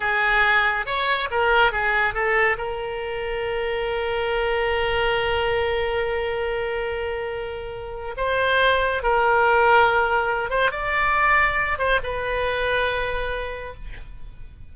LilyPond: \new Staff \with { instrumentName = "oboe" } { \time 4/4 \tempo 4 = 140 gis'2 cis''4 ais'4 | gis'4 a'4 ais'2~ | ais'1~ | ais'1~ |
ais'2. c''4~ | c''4 ais'2.~ | ais'8 c''8 d''2~ d''8 c''8 | b'1 | }